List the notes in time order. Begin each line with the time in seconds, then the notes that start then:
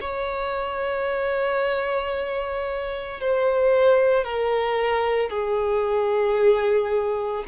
0.00 C#5
3.20 C5
4.24 A#4
5.29 G#4